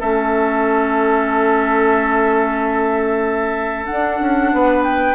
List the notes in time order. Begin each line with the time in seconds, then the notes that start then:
0.00 A3 C#4 A4 E5
3.86 D4 F#5
4.20 C#4
4.53 B3 B4
4.84 G5